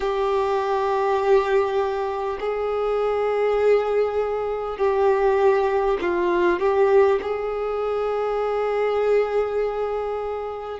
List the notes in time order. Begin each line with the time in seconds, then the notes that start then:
0.00 G4
2.40 G#4
4.77 G4
6.01 F4
6.59 G4
7.22 G#4